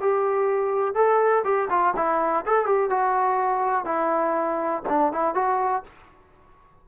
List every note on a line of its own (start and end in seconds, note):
0.00 0.94 G4
0.94 1.43 A4
1.44 1.69 G4
1.70 1.94 F4
1.96 2.45 E4
2.46 2.66 A4
2.66 2.90 G4
2.90 3.85 F#4
3.85 4.82 E4
4.89 5.12 D4
5.12 5.34 E4
5.34 5.83 F#4